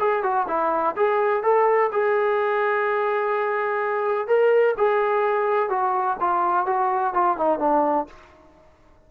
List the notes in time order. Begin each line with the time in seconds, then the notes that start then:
0.00 G#4
0.23 F#4
0.48 E4
0.97 G#4
1.44 A4
1.93 G#4
4.28 A#4
4.78 G#4
5.70 F#4
6.21 F4
6.67 F#4
7.14 F4
7.38 D#4
7.60 D4